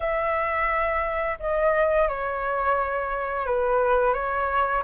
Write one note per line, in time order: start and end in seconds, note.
0.00 1.38 E5
1.39 2.08 D#5
2.08 3.45 C#5
3.45 4.13 B4
4.13 4.82 C#5